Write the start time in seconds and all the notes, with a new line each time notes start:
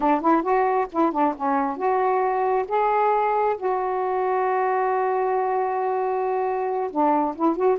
0.00 D4
0.21 E4
0.42 F#4
0.92 E4
1.12 D4
1.36 C#4
1.76 F#4
2.67 G#4
3.57 F#4
6.90 D4
7.35 E4
7.56 F#4